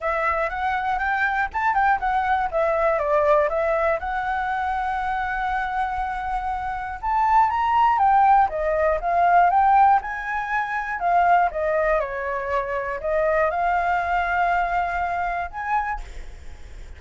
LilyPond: \new Staff \with { instrumentName = "flute" } { \time 4/4 \tempo 4 = 120 e''4 fis''4 g''4 a''8 g''8 | fis''4 e''4 d''4 e''4 | fis''1~ | fis''2 a''4 ais''4 |
g''4 dis''4 f''4 g''4 | gis''2 f''4 dis''4 | cis''2 dis''4 f''4~ | f''2. gis''4 | }